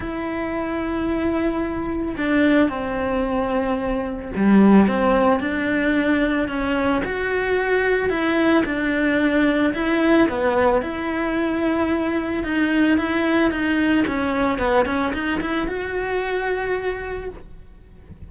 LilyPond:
\new Staff \with { instrumentName = "cello" } { \time 4/4 \tempo 4 = 111 e'1 | d'4 c'2. | g4 c'4 d'2 | cis'4 fis'2 e'4 |
d'2 e'4 b4 | e'2. dis'4 | e'4 dis'4 cis'4 b8 cis'8 | dis'8 e'8 fis'2. | }